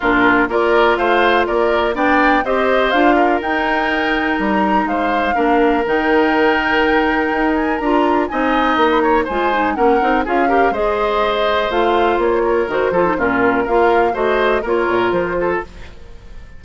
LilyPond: <<
  \new Staff \with { instrumentName = "flute" } { \time 4/4 \tempo 4 = 123 ais'4 d''4 f''4 d''4 | g''4 dis''4 f''4 g''4~ | g''4 ais''4 f''2 | g''2.~ g''8 gis''8 |
ais''4 gis''4 ais''16 b''16 ais''8 gis''4 | fis''4 f''4 dis''2 | f''4 cis''4 c''4 ais'4 | f''4 dis''4 cis''4 c''4 | }
  \new Staff \with { instrumentName = "oboe" } { \time 4/4 f'4 ais'4 c''4 ais'4 | d''4 c''4. ais'4.~ | ais'2 c''4 ais'4~ | ais'1~ |
ais'4 dis''4. cis''8 c''4 | ais'4 gis'8 ais'8 c''2~ | c''4. ais'4 a'8 f'4 | ais'4 c''4 ais'4. a'8 | }
  \new Staff \with { instrumentName = "clarinet" } { \time 4/4 d'4 f'2. | d'4 g'4 f'4 dis'4~ | dis'2. d'4 | dis'1 |
f'4 dis'2 f'8 dis'8 | cis'8 dis'8 f'8 g'8 gis'2 | f'2 fis'8 f'16 dis'16 cis'4 | f'4 fis'4 f'2 | }
  \new Staff \with { instrumentName = "bassoon" } { \time 4/4 ais,4 ais4 a4 ais4 | b4 c'4 d'4 dis'4~ | dis'4 g4 gis4 ais4 | dis2. dis'4 |
d'4 c'4 ais4 gis4 | ais8 c'8 cis'4 gis2 | a4 ais4 dis8 f8 ais,4 | ais4 a4 ais8 ais,8 f4 | }
>>